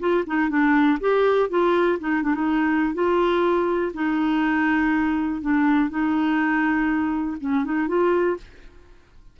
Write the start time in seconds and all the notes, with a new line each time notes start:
0.00 F4
0.27 D#4
0.50 D4
1.00 G4
1.50 F4
2.00 D#4
2.23 D4
2.35 D#4
2.94 F4
3.94 D#4
5.42 D4
5.90 D#4
7.41 C#4
7.65 D#4
7.88 F4